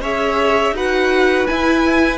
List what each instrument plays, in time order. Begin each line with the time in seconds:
0.00 cello C#4, viola G#4, violin C#5 E5
0.72 cello D#4, viola F#4, violin B4 F#5
1.47 viola E4, cello E4, violin G#5